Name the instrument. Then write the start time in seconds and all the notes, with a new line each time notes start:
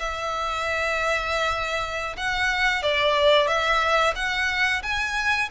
violin
0.00 E5
2.18 F#5
2.83 D5
3.48 E5
4.16 F#5
4.83 G#5